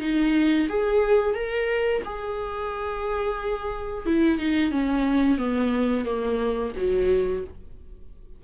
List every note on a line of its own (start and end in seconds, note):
0.00 0.67 D#4
0.69 1.35 G#4
1.35 2.02 A#4
2.05 4.06 G#4
4.06 4.39 E4
4.39 4.71 D#4
4.71 5.38 C#4
5.38 6.05 B3
6.05 6.73 A#3
6.76 7.44 F#3